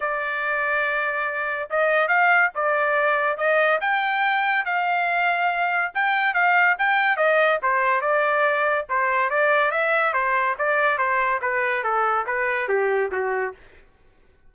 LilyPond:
\new Staff \with { instrumentName = "trumpet" } { \time 4/4 \tempo 4 = 142 d''1 | dis''4 f''4 d''2 | dis''4 g''2 f''4~ | f''2 g''4 f''4 |
g''4 dis''4 c''4 d''4~ | d''4 c''4 d''4 e''4 | c''4 d''4 c''4 b'4 | a'4 b'4 g'4 fis'4 | }